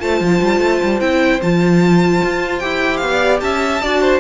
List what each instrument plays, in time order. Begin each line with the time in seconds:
0.00 cello A3, viola F4, violin C5 A5
0.20 cello F3
0.41 cello G3
0.60 cello A3
0.83 cello G3
1.00 cello C4, viola E4, violin G5
1.41 cello F3, viola F4, violin A5
2.23 cello F4
2.59 cello E4, viola G4, violin G5
2.97 cello B3, violin F5
3.10 violin D5
3.41 cello C#4, violin E5 A5
3.82 cello D4, viola F#4, violin D5
4.02 violin C5